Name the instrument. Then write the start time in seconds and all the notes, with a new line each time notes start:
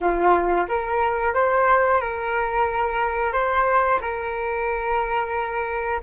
flute
0.00 F4
0.68 A#4
1.34 C5
2.00 A#4
3.32 C5
4.01 A#4